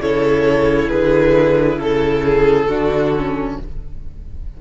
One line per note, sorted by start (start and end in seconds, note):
0.00 0.90 C#3
0.00 2.68 E4
0.00 0.89 A4
0.00 0.89 C#5
0.89 1.77 D3
0.89 1.79 G#4
0.89 1.78 B4
1.77 2.66 C#3
1.77 3.57 A4
1.77 2.25 A4
2.25 2.68 G#4
2.68 3.58 D3
2.68 3.13 D4
2.68 3.58 F#4
3.16 3.61 C#4